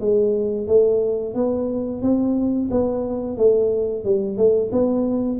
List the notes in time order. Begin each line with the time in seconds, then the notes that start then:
0.00 G#3
0.67 A3
1.34 B3
2.02 C4
2.71 B3
3.37 A3
4.04 G3
4.37 A3
4.72 B3